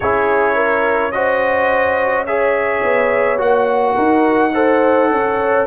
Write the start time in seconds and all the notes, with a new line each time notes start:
0.00 C#4 E4 G#4 C#5
0.55 A#4
1.11 F#4 C5 D#5
2.26 G#4 C#5 E5
2.83 B3
3.37 A#3 F#4 F#5
3.94 D#4 A#4
4.54 A4 C5
5.10 C#4 C#5